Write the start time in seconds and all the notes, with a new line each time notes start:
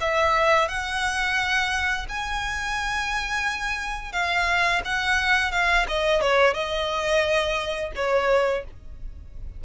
0.00 E5
0.68 F#5
2.08 G#5
4.12 F5
4.85 F#5
5.51 F5
5.88 D#5
6.21 C#5
6.54 D#5
7.95 C#5